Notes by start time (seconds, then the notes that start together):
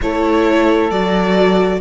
0.01 A3 E4 A4 C#5
0.90 F#3 F#4 D5